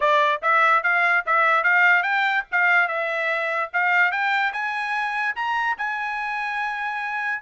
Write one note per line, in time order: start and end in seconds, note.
0.00 0.41 D5
0.42 0.83 E5
0.83 1.24 F5
1.26 1.63 E5
1.63 2.02 F5
2.02 2.43 G5
2.51 2.87 F5
2.87 3.70 E5
3.73 4.11 F5
4.11 4.52 G5
4.53 5.35 G#5
5.35 5.76 A#5
5.77 7.42 G#5